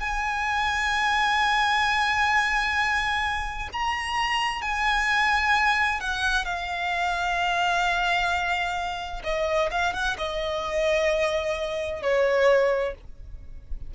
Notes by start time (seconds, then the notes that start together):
0.00 G#5
3.73 A#5
4.62 G#5
6.00 F#5
6.45 F5
9.24 D#5
9.71 F5
9.94 F#5
10.18 D#5
12.03 C#5